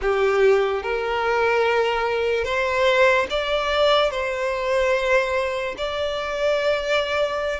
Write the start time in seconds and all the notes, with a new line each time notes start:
0.01 G4
0.82 A#4
2.44 C5
3.30 D5
4.11 C5
5.77 D5